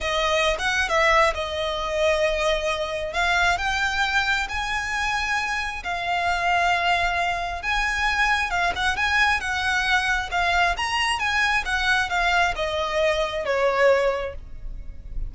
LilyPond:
\new Staff \with { instrumentName = "violin" } { \time 4/4 \tempo 4 = 134 dis''4~ dis''16 fis''8. e''4 dis''4~ | dis''2. f''4 | g''2 gis''2~ | gis''4 f''2.~ |
f''4 gis''2 f''8 fis''8 | gis''4 fis''2 f''4 | ais''4 gis''4 fis''4 f''4 | dis''2 cis''2 | }